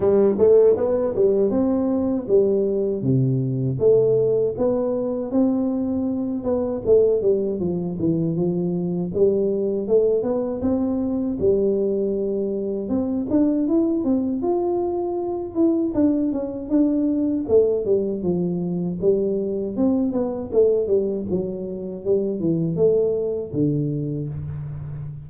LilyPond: \new Staff \with { instrumentName = "tuba" } { \time 4/4 \tempo 4 = 79 g8 a8 b8 g8 c'4 g4 | c4 a4 b4 c'4~ | c'8 b8 a8 g8 f8 e8 f4 | g4 a8 b8 c'4 g4~ |
g4 c'8 d'8 e'8 c'8 f'4~ | f'8 e'8 d'8 cis'8 d'4 a8 g8 | f4 g4 c'8 b8 a8 g8 | fis4 g8 e8 a4 d4 | }